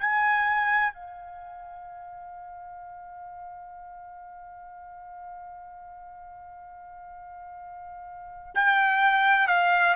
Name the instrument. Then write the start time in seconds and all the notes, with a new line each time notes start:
trumpet
0.00 G#5
0.94 F5
8.55 G5
9.48 F5